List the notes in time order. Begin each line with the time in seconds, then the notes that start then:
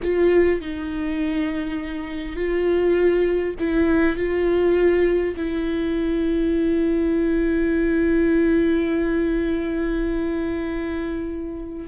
0.02 F4
0.61 D#4
2.36 F4
3.59 E4
4.16 F4
5.36 E4